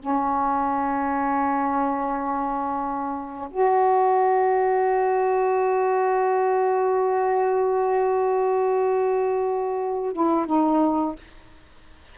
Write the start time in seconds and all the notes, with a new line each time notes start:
0.00 C#4
3.50 F#4
10.13 E4
10.46 D#4